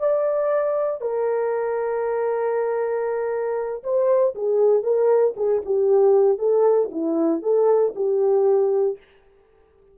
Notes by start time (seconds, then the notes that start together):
0.00 D5
1.01 A#4
3.84 C5
4.36 G#4
4.84 A#4
5.37 G#4
5.66 G4
6.39 A4
6.92 E4
7.43 A4
7.96 G4